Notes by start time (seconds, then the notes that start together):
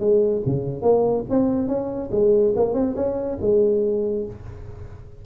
0.00 G#3
0.46 C#3
0.82 A#3
1.30 C4
1.68 C#4
2.11 G#3
2.56 A#3
2.74 C4
2.96 C#4
3.41 G#3